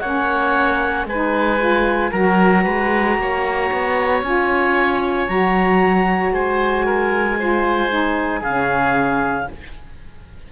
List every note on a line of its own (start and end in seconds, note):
0.00 1.05 A#3
0.00 1.07 C#4
0.00 1.06 C#5
0.00 1.05 F#5
1.05 2.11 G#3
1.05 2.11 B4
1.05 2.12 G#5
1.12 1.59 D#4
1.59 2.11 F4
2.11 2.66 F#3
2.11 4.23 F#4
2.11 2.63 A#4
2.11 4.22 A#5
2.63 3.18 G#3
2.63 3.16 B4
3.18 3.71 A#3
3.18 6.34 C#5
3.72 4.23 B3
4.23 5.28 C#4
4.23 5.28 F4
4.23 5.28 G#5
5.28 6.31 F#3
5.28 7.38 F#4
5.28 6.34 A#5
6.31 8.42 G#3
6.31 6.86 C5
6.31 8.43 G#5
6.86 7.38 A#4
7.38 7.89 F4
7.38 8.41 C5
7.89 8.42 D#4
8.41 9.47 C#3
8.41 9.52 C#4
8.41 9.46 G#4
8.41 9.48 F5